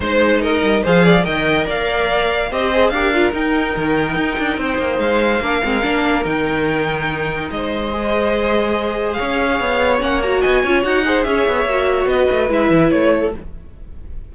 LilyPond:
<<
  \new Staff \with { instrumentName = "violin" } { \time 4/4 \tempo 4 = 144 c''4 dis''4 f''4 g''4 | f''2 dis''4 f''4 | g''1 | f''2. g''4~ |
g''2 dis''2~ | dis''2 f''2 | fis''8 ais''8 gis''4 fis''4 e''4~ | e''4 dis''4 e''4 cis''4 | }
  \new Staff \with { instrumentName = "violin" } { \time 4/4 c''4 ais'4 c''8 d''8 dis''4 | d''2 c''4 ais'4~ | ais'2. c''4~ | c''4 ais'2.~ |
ais'2 c''2~ | c''2 cis''2~ | cis''4 dis''8 cis''4 c''8 cis''4~ | cis''4 b'2~ b'8 a'8 | }
  \new Staff \with { instrumentName = "viola" } { \time 4/4 dis'2 gis'4 ais'4~ | ais'2 g'8 gis'8 g'8 f'8 | dis'1~ | dis'4 d'8 c'8 d'4 dis'4~ |
dis'2. gis'4~ | gis'1 | cis'8 fis'4 f'8 fis'8 gis'4. | fis'2 e'2 | }
  \new Staff \with { instrumentName = "cello" } { \time 4/4 gis4. g8 f4 dis4 | ais2 c'4 d'4 | dis'4 dis4 dis'8 d'8 c'8 ais8 | gis4 ais8 gis8 ais4 dis4~ |
dis2 gis2~ | gis2 cis'4 b4 | ais4 b8 cis'8 dis'4 cis'8 b8 | ais4 b8 a8 gis8 e8 a4 | }
>>